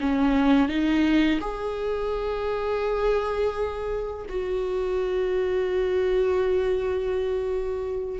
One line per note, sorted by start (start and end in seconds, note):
0.00 0.68 C#4
0.68 1.40 D#4
1.40 4.26 G#4
4.29 8.19 F#4